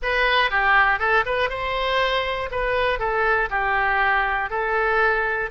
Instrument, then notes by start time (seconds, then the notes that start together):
oboe
0.02 B4
0.50 G4
0.99 A4
1.25 B4
1.49 C5
2.51 B4
2.99 A4
3.50 G4
4.50 A4